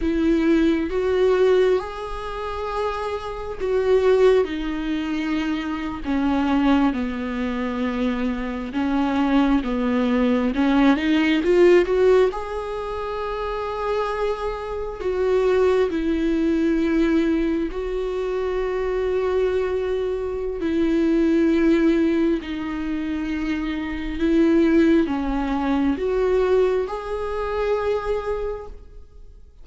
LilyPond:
\new Staff \with { instrumentName = "viola" } { \time 4/4 \tempo 4 = 67 e'4 fis'4 gis'2 | fis'4 dis'4.~ dis'16 cis'4 b16~ | b4.~ b16 cis'4 b4 cis'16~ | cis'16 dis'8 f'8 fis'8 gis'2~ gis'16~ |
gis'8. fis'4 e'2 fis'16~ | fis'2. e'4~ | e'4 dis'2 e'4 | cis'4 fis'4 gis'2 | }